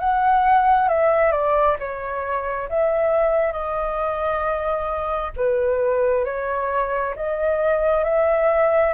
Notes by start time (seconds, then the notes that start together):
0.00 F#5
0.89 E5
1.32 D5
1.80 C#5
2.69 E5
3.53 D#5
5.37 B4
6.25 C#5
7.16 D#5
8.05 E5